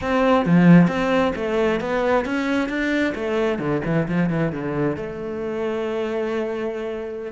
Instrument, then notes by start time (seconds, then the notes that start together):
cello
0.01 C4
0.45 F3
0.87 C4
1.35 A3
1.80 B3
2.25 C#4
2.68 D4
3.15 A3
3.58 D3
3.85 E3
4.07 F3
4.29 E3
4.52 D3
4.96 A3